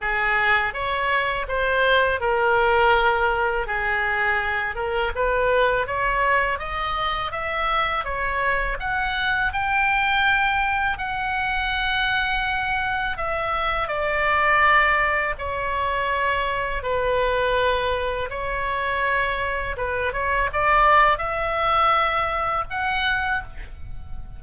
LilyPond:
\new Staff \with { instrumentName = "oboe" } { \time 4/4 \tempo 4 = 82 gis'4 cis''4 c''4 ais'4~ | ais'4 gis'4. ais'8 b'4 | cis''4 dis''4 e''4 cis''4 | fis''4 g''2 fis''4~ |
fis''2 e''4 d''4~ | d''4 cis''2 b'4~ | b'4 cis''2 b'8 cis''8 | d''4 e''2 fis''4 | }